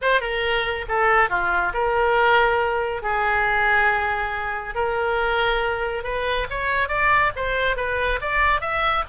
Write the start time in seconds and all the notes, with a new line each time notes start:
0.01 C5
0.20 A#4
0.88 A4
1.29 F4
1.73 A#4
3.02 G#4
4.74 A#4
6.03 B4
6.50 C#5
6.88 D5
7.36 C5
7.76 B4
8.21 D5
8.61 E5